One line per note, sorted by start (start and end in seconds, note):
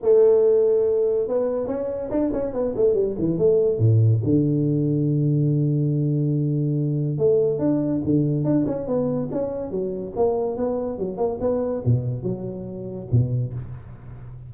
0.02 1.28 A3
1.28 1.67 B3
1.67 2.09 C#4
2.10 2.31 D4
2.32 2.53 C#4
2.53 2.74 B3
2.76 2.94 A3
2.94 3.15 G3
3.18 3.37 E3
3.37 3.78 A3
3.78 4.20 A2
4.23 7.18 D3
7.18 7.58 A3
7.58 8.01 D4
8.03 8.44 D3
8.44 8.65 D4
8.66 8.86 C#4
8.86 9.29 B3
9.31 9.70 C#4
9.70 10.13 F#3
10.16 10.56 A#3
10.56 10.98 B3
10.98 11.17 F#3
11.17 11.38 A#3
11.40 11.82 B3
11.85 12.22 B2
12.22 13.07 F#3
13.11 13.53 B2